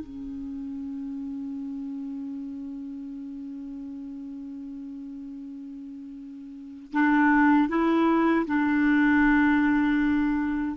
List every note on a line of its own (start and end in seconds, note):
0.00 6.92 C#4
6.93 7.69 D4
7.69 8.46 E4
8.47 10.77 D4